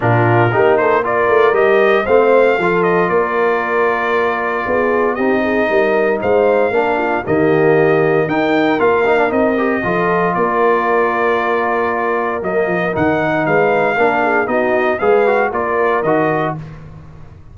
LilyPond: <<
  \new Staff \with { instrumentName = "trumpet" } { \time 4/4 \tempo 4 = 116 ais'4. c''8 d''4 dis''4 | f''4. dis''8 d''2~ | d''2 dis''2 | f''2 dis''2 |
g''4 f''4 dis''2 | d''1 | dis''4 fis''4 f''2 | dis''4 f''4 d''4 dis''4 | }
  \new Staff \with { instrumentName = "horn" } { \time 4/4 f'4 g'8 a'8 ais'2 | c''4 a'4 ais'2~ | ais'4 gis'4 g'8 gis'8 ais'4 | c''4 ais'8 f'8 g'2 |
ais'2. a'4 | ais'1~ | ais'2 b'4 ais'8 gis'8 | fis'4 b'4 ais'2 | }
  \new Staff \with { instrumentName = "trombone" } { \time 4/4 d'4 dis'4 f'4 g'4 | c'4 f'2.~ | f'2 dis'2~ | dis'4 d'4 ais2 |
dis'4 f'8 dis'16 d'16 dis'8 g'8 f'4~ | f'1 | ais4 dis'2 d'4 | dis'4 gis'8 fis'8 f'4 fis'4 | }
  \new Staff \with { instrumentName = "tuba" } { \time 4/4 ais,4 ais4. a8 g4 | a4 f4 ais2~ | ais4 b4 c'4 g4 | gis4 ais4 dis2 |
dis'4 ais4 c'4 f4 | ais1 | fis8 f8 dis4 gis4 ais4 | b4 gis4 ais4 dis4 | }
>>